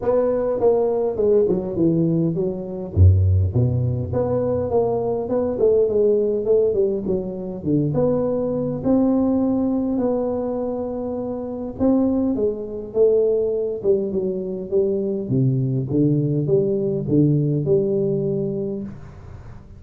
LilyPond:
\new Staff \with { instrumentName = "tuba" } { \time 4/4 \tempo 4 = 102 b4 ais4 gis8 fis8 e4 | fis4 fis,4 b,4 b4 | ais4 b8 a8 gis4 a8 g8 | fis4 d8 b4. c'4~ |
c'4 b2. | c'4 gis4 a4. g8 | fis4 g4 c4 d4 | g4 d4 g2 | }